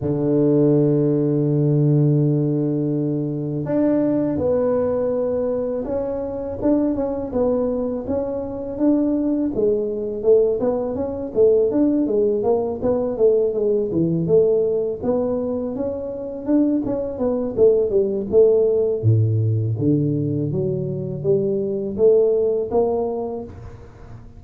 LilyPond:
\new Staff \with { instrumentName = "tuba" } { \time 4/4 \tempo 4 = 82 d1~ | d4 d'4 b2 | cis'4 d'8 cis'8 b4 cis'4 | d'4 gis4 a8 b8 cis'8 a8 |
d'8 gis8 ais8 b8 a8 gis8 e8 a8~ | a8 b4 cis'4 d'8 cis'8 b8 | a8 g8 a4 a,4 d4 | fis4 g4 a4 ais4 | }